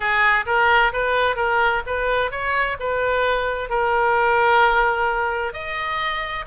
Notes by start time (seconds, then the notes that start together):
0.00 G#4
0.46 A#4
0.92 B4
1.36 A#4
1.86 B4
2.31 C#5
2.79 B4
3.69 A#4
5.53 D#5